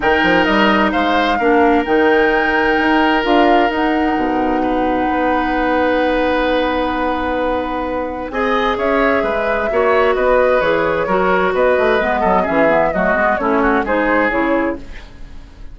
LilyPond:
<<
  \new Staff \with { instrumentName = "flute" } { \time 4/4 \tempo 4 = 130 g''4 dis''4 f''2 | g''2. f''4 | fis''1~ | fis''1~ |
fis''2 gis''4 e''4~ | e''2 dis''4 cis''4~ | cis''4 dis''2 e''4 | dis''4 cis''4 c''4 cis''4 | }
  \new Staff \with { instrumentName = "oboe" } { \time 4/4 ais'2 c''4 ais'4~ | ais'1~ | ais'2 b'2~ | b'1~ |
b'2 dis''4 cis''4 | b'4 cis''4 b'2 | ais'4 b'4. a'8 gis'4 | fis'4 e'8 fis'8 gis'2 | }
  \new Staff \with { instrumentName = "clarinet" } { \time 4/4 dis'2. d'4 | dis'2. f'4 | dis'1~ | dis'1~ |
dis'2 gis'2~ | gis'4 fis'2 gis'4 | fis'2 b4 cis'8 b8 | a8 b8 cis'4 dis'4 e'4 | }
  \new Staff \with { instrumentName = "bassoon" } { \time 4/4 dis8 f8 g4 gis4 ais4 | dis2 dis'4 d'4 | dis'4 b,2 b4~ | b1~ |
b2 c'4 cis'4 | gis4 ais4 b4 e4 | fis4 b8 a8 gis8 fis8 e4 | fis8 gis8 a4 gis4 cis4 | }
>>